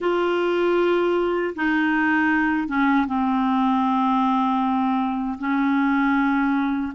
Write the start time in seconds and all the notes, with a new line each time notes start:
0.00 F4
1.55 D#4
2.67 C#4
3.07 C4
5.38 C#4